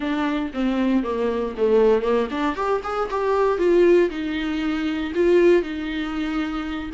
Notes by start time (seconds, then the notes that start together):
0.00 D4
0.53 C4
1.03 A#3
1.57 A3
2.01 A#3
2.30 D4
2.55 G4
2.83 G#4
3.10 G4
3.58 F4
4.10 D#4
5.14 F4
5.62 D#4